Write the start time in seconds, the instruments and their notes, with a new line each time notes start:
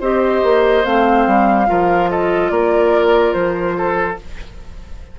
0.00 bassoon C4, clarinet G4, oboe C5, flute D#5
0.43 bassoon A#3
0.84 bassoon A3, clarinet C4, flute F5
1.26 bassoon G3
1.66 bassoon F3, clarinet F4, oboe A#4
2.10 oboe A4, flute D#5
2.50 bassoon A#3, oboe A#4, flute D5
3.33 bassoon F3, flute C5
3.77 oboe A4